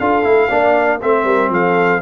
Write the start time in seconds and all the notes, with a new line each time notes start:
0.00 D4 F4 A4 F5
0.24 A3 E4
0.49 A#3 D4 D5
1.02 A3 C4 C5 E5
1.25 G3 A#4
1.50 F3 A4 F5